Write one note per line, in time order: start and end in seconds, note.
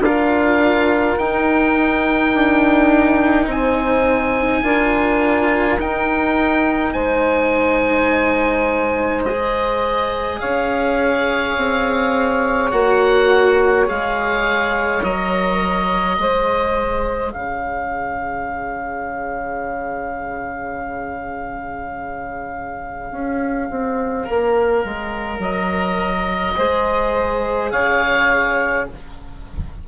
0.00 1.15 D4
0.00 1.19 F4
0.00 3.50 A#4
0.00 1.18 F5
1.18 2.34 D#4
1.18 4.63 D#4
1.18 3.49 G5
2.34 3.46 D4
3.46 4.62 C4
3.46 4.63 C5
3.46 5.80 G#5
4.63 5.78 D4
4.63 5.78 F4
4.63 6.94 A#4
5.78 6.94 D#4
5.78 9.25 D#4
5.78 6.93 G5
6.93 10.40 G#3
6.93 10.40 C5
6.93 9.24 G#5
9.24 12.72 G#4
9.24 10.40 D#5
10.40 11.57 C#4
10.40 16.17 C#5
10.40 12.70 F5
11.57 12.72 C4
12.71 13.87 A#3
12.71 13.85 F#4
12.71 13.86 F#5
13.85 15.03 G#3
13.85 15.01 G#4
13.85 15.03 F5
15.03 16.18 F#3
15.03 16.19 A#4
15.03 17.32 D#5
16.18 17.33 G#3
16.18 24.25 G#4
16.18 17.33 C5
17.32 23.11 C#3
17.32 26.56 C#5
17.32 25.40 F5
23.11 23.69 C#4
23.70 24.28 C4
24.25 24.84 A#3
24.25 26.56 A#4
24.84 25.38 G#3
25.38 26.54 F#3
25.38 27.71 D#5
26.56 27.72 G#3
26.56 28.88 G#4
26.56 27.71 C5
27.71 28.87 C#3
27.71 28.86 C#5
27.71 28.86 F5